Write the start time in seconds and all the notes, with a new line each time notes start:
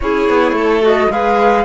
0.00 C#4 E4 G#4 C#5
0.28 B3
0.52 A3 A4
0.82 F#4 D#5
1.10 G#3 G#4 B4 F5